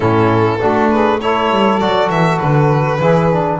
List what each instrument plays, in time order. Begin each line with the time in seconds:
0.00 double bass A2, trombone C#4, saxophone E4, violin A4
0.59 double bass A3, trombone D4, saxophone F#4
0.90 saxophone G#4, violin B4
1.21 trombone E4, saxophone A4, violin C#5
1.50 double bass G3
1.79 double bass F#3, trombone F#4, violin D5
2.09 double bass E3, violin E5
2.39 double bass D3, violin B4
2.98 double bass E3, trombone E4, saxophone G#4
3.32 trombone D4